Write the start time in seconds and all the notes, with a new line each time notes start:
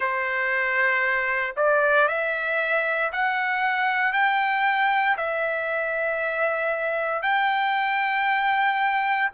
0.00 C5
1.56 D5
2.08 E5
3.12 F#5
4.12 G5
5.17 E5
7.22 G5